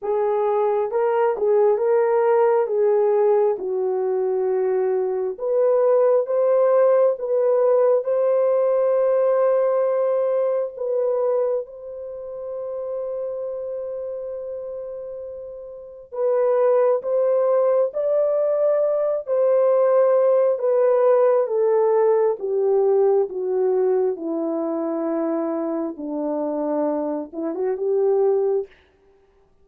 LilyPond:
\new Staff \with { instrumentName = "horn" } { \time 4/4 \tempo 4 = 67 gis'4 ais'8 gis'8 ais'4 gis'4 | fis'2 b'4 c''4 | b'4 c''2. | b'4 c''2.~ |
c''2 b'4 c''4 | d''4. c''4. b'4 | a'4 g'4 fis'4 e'4~ | e'4 d'4. e'16 fis'16 g'4 | }